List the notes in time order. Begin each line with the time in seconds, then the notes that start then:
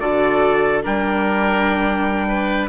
0.00 D3 F#4 A4 D5
0.82 G3 D4 A#4 G5
2.28 B4